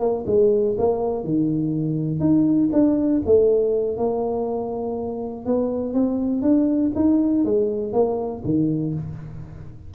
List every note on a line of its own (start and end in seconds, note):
0.00 0.25 A#3
0.27 0.77 G#3
0.78 1.24 A#3
1.24 2.21 D#3
2.21 2.70 D#4
2.73 3.23 D4
3.26 3.98 A3
3.98 5.46 A#3
5.46 5.94 B3
5.94 6.42 C4
6.42 6.92 D4
6.96 7.45 D#4
7.45 7.93 G#3
7.93 8.43 A#3
8.45 8.95 D#3